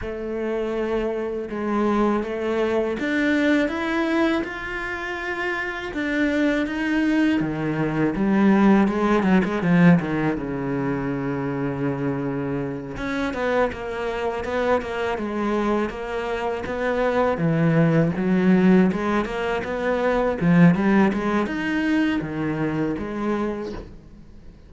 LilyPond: \new Staff \with { instrumentName = "cello" } { \time 4/4 \tempo 4 = 81 a2 gis4 a4 | d'4 e'4 f'2 | d'4 dis'4 dis4 g4 | gis8 fis16 gis16 f8 dis8 cis2~ |
cis4. cis'8 b8 ais4 b8 | ais8 gis4 ais4 b4 e8~ | e8 fis4 gis8 ais8 b4 f8 | g8 gis8 dis'4 dis4 gis4 | }